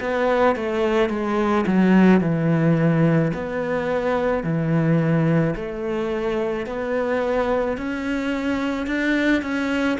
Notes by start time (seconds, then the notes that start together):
0.00 B3
0.56 A3
1.10 G#3
1.67 F#3
2.21 E3
3.34 B3
4.43 E3
5.56 A3
6.66 B3
7.77 C#4
8.86 D4
9.42 C#4